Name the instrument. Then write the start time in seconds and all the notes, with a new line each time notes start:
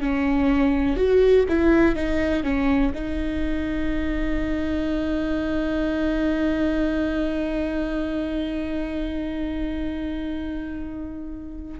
viola
0.00 C#4
0.97 F#4
1.48 E4
1.95 D#4
2.43 C#4
2.94 D#4